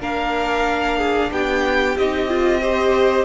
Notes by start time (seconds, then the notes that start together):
0.00 A#3 D4 A#4 F5
0.97 G#4
1.31 B3 G4 G5
1.97 C4 D#4 D#5
2.28 F4
2.61 G4 C5